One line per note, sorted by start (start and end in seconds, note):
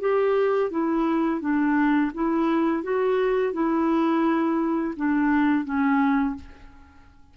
0.00 0.71 G4
0.71 1.41 E4
1.41 2.11 D4
2.14 2.83 E4
2.83 3.53 F#4
3.53 4.94 E4
4.96 5.65 D4
5.65 6.35 C#4